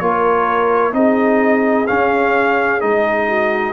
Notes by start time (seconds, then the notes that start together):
0.00 A#3 F4 A#4 C#5
0.93 C4 D#4 G#4 D#5
1.87 C#4 F5
2.80 G#3 D#4 D#5
3.28 F#4